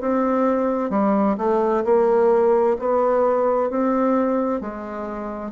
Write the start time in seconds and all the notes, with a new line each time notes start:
0.00 C4
0.90 G3
1.38 A3
1.84 A#3
2.79 B3
3.70 C4
4.61 G#3